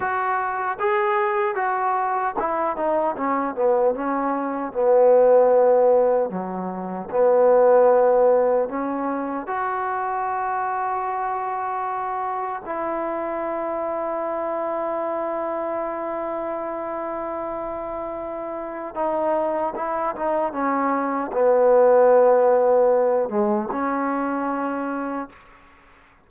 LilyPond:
\new Staff \with { instrumentName = "trombone" } { \time 4/4 \tempo 4 = 76 fis'4 gis'4 fis'4 e'8 dis'8 | cis'8 b8 cis'4 b2 | fis4 b2 cis'4 | fis'1 |
e'1~ | e'1 | dis'4 e'8 dis'8 cis'4 b4~ | b4. gis8 cis'2 | }